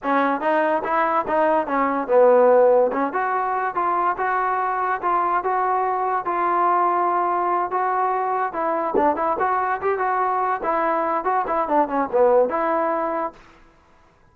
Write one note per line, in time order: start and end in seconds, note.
0.03 0.40 C#4
0.40 0.82 D#4
0.83 1.25 E4
1.27 1.66 D#4
1.66 2.07 C#4
2.07 2.91 B3
2.92 3.12 C#4
3.12 3.74 F#4
3.74 4.16 F4
4.17 5.01 F#4
5.01 5.43 F4
5.43 6.25 F#4
6.25 7.70 F4
7.70 8.52 F#4
8.52 8.94 E4
8.96 9.16 D4
9.16 9.36 E4
9.39 9.80 F#4
9.81 9.98 G4
9.98 10.60 F#4
10.63 11.24 E4
11.24 11.45 F#4
11.47 11.68 E4
11.68 11.87 D4
11.87 12.08 C#4
12.12 12.49 B3
12.49 13.32 E4